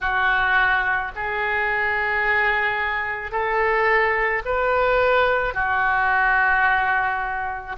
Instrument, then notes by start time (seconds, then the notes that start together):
oboe
0.01 F#4
1.15 G#4
3.31 A4
4.45 B4
5.54 F#4